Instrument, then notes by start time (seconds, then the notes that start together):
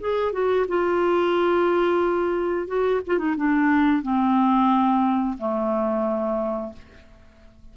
clarinet
0.00 G#4
0.32 F#4
0.68 F4
2.67 F#4
3.07 F4
3.19 D#4
3.37 D4
4.02 C4
5.38 A3